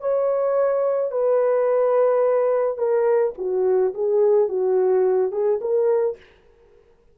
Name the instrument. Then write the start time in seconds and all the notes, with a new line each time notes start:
horn
0.00 C#5
1.11 B4
2.78 A#4
3.38 F#4
3.94 G#4
4.49 F#4
5.32 G#4
5.61 A#4